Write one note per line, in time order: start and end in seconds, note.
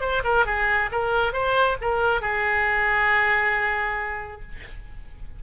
0.00 0.22 C5
0.23 0.45 A#4
0.45 0.89 G#4
0.91 1.33 A#4
1.33 1.77 C5
1.81 2.21 A#4
2.21 4.42 G#4